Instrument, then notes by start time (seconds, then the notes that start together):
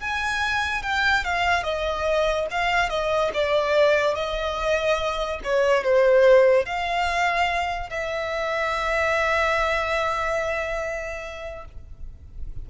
violin
0.00 G#5
0.83 G5
1.24 F5
1.63 D#5
2.51 F5
2.89 D#5
3.33 D5
4.15 D#5
5.44 C#5
5.84 C5
6.66 F5
7.90 E5